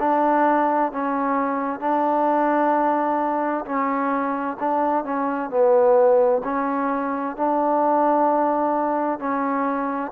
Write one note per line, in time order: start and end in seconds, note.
0.00 0.92 D4
0.93 1.80 C#4
1.80 3.65 D4
3.65 4.58 C#4
4.60 5.05 D4
5.05 5.50 C#4
5.50 6.42 B3
6.44 7.37 C#4
7.37 9.20 D4
9.20 10.12 C#4